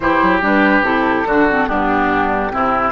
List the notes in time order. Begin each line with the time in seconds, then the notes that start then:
0.00 E3 E4 G4 C5
0.22 F#3
0.42 G3 D4 B4
0.81 C3 E4 A4
1.25 D3 D4 F#4
1.49 C4
1.67 G2 B3 D4 G4
2.51 C3 C4 E4